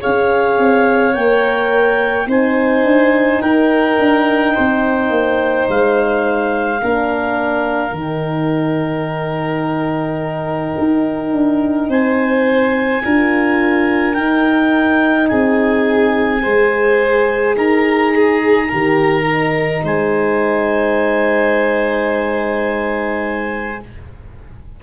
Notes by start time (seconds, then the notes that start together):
0.00 C#4 G#4 C#5 F5
0.59 C4
1.15 A#3 A#4 G5
2.27 C4 D#4 C5 G#5
2.83 D4
3.41 D#4 A#4 G5
3.99 D4
4.54 C4 C5
5.10 A#3
5.69 G#3 F5
6.82 A#3 D4 A#4
7.92 D#3 D#4 G5
10.79 D#4
11.32 D4
11.88 C4 C5 G#5
13.05 D4 F4 A#4
14.14 D#4 G5
15.28 C4 G#4 G#5
16.42 G#3 G#4 C5
17.57 D#4 A#4 A#5
18.16 G#4
18.69 D#3 G4 A#4
19.24 D#4
19.84 G#3 C5 G#5